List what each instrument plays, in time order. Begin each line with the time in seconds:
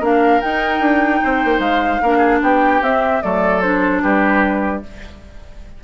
0.00 bassoon A#3, clarinet D4, oboe A#4, flute F5
0.41 clarinet D#4, bassoon D#4, flute G5
0.80 bassoon D4
1.23 bassoon C4, oboe C5
1.44 bassoon A#3
1.59 bassoon G#3, flute F5
2.02 bassoon A#3, clarinet D4, oboe A#4
2.18 oboe G#4
2.41 bassoon B3, oboe G4, flute G5
2.81 bassoon C4, clarinet C4, flute E5
3.22 bassoon F#3, clarinet A3, oboe A4, flute D5
3.61 clarinet D4, flute C5
4.03 bassoon G3, oboe G4, flute B4